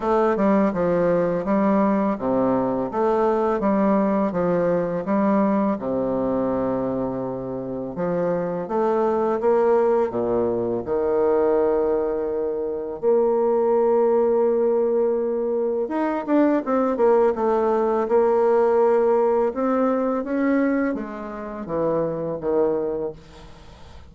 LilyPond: \new Staff \with { instrumentName = "bassoon" } { \time 4/4 \tempo 4 = 83 a8 g8 f4 g4 c4 | a4 g4 f4 g4 | c2. f4 | a4 ais4 ais,4 dis4~ |
dis2 ais2~ | ais2 dis'8 d'8 c'8 ais8 | a4 ais2 c'4 | cis'4 gis4 e4 dis4 | }